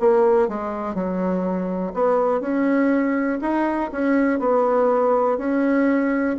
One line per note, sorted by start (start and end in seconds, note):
0.00 0.48 A#3
0.48 0.94 G#3
0.94 1.93 F#3
1.94 2.41 B3
2.41 3.39 C#4
3.41 3.90 D#4
3.92 4.39 C#4
4.39 5.37 B3
5.37 6.36 C#4